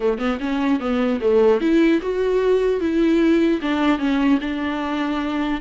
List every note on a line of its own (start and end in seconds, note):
0.00 0.18 A3
0.18 0.38 B3
0.40 0.80 C#4
0.80 1.20 B3
1.21 1.61 A3
1.61 2.01 E4
2.01 2.80 F#4
2.80 3.60 E4
3.61 3.98 D4
3.98 4.38 C#4
4.40 5.60 D4